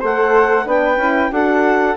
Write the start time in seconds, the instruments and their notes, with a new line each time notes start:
0.00 bassoon A3, horn A4, flute C5, clarinet F#5
0.65 bassoon B3, horn D4, flute B4, clarinet G5
0.97 bassoon C#4, horn E4
1.31 bassoon D4, horn F#4, flute A4, clarinet F#5